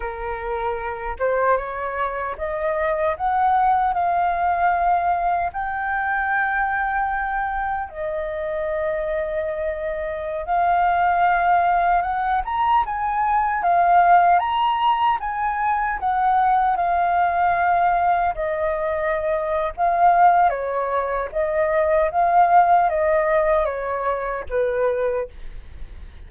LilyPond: \new Staff \with { instrumentName = "flute" } { \time 4/4 \tempo 4 = 76 ais'4. c''8 cis''4 dis''4 | fis''4 f''2 g''4~ | g''2 dis''2~ | dis''4~ dis''16 f''2 fis''8 ais''16~ |
ais''16 gis''4 f''4 ais''4 gis''8.~ | gis''16 fis''4 f''2 dis''8.~ | dis''4 f''4 cis''4 dis''4 | f''4 dis''4 cis''4 b'4 | }